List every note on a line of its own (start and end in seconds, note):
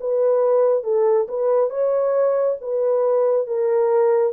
0.00 0.83 B4
0.83 1.27 A4
1.28 1.70 B4
1.70 2.57 C#5
2.61 3.47 B4
3.47 4.32 A#4